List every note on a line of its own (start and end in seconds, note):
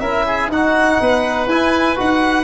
0.00 0.48 C#4
0.00 0.51 E4
0.00 0.25 A#4
0.00 0.49 E5
0.27 0.51 G#4
0.48 0.97 D#4
0.48 1.48 D#4
0.48 1.01 F#4
0.48 1.49 F#5
1.01 1.46 B3
1.01 2.43 B4
1.46 1.95 E4
1.46 1.96 E4
1.46 1.97 G#5
1.96 2.43 D#4
1.96 2.43 F#4
1.96 2.43 F#5